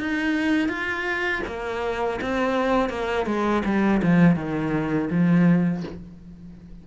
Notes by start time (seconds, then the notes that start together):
0.00 D#4
0.69 F4
1.47 A#3
2.22 C4
2.90 A#3
3.26 G#3
3.65 G3
4.03 F3
4.36 D#3
5.10 F3